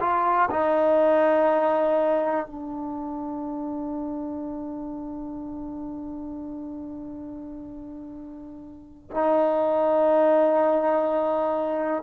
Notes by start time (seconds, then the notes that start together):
0.00 F4
0.51 D#4
2.46 D4
9.11 D#4